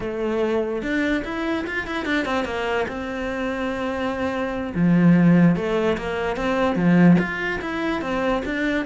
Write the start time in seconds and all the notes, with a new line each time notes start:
0.00 A3
0.82 D4
1.24 E4
1.66 F4
1.87 E4
2.05 D4
2.25 C4
2.44 A#3
2.88 C4
4.74 F3
5.56 A3
5.97 A#3
6.36 C4
6.75 F3
7.18 F4
7.61 E4
8.01 C4
8.45 D4